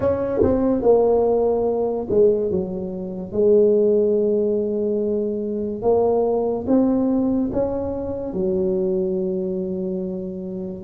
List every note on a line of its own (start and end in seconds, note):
0.00 0.41 C#4
0.42 0.82 C4
0.82 2.07 A#3
2.10 2.50 G#3
2.50 3.31 F#3
3.31 5.81 G#3
5.82 6.65 A#3
6.67 7.50 C4
7.52 8.33 C#4
8.33 10.83 F#3